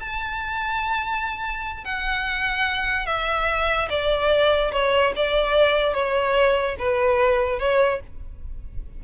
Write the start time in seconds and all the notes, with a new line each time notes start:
0.00 A5
1.84 F#5
3.06 E5
3.89 D5
4.72 C#5
5.16 D5
5.94 C#5
6.79 B4
7.59 C#5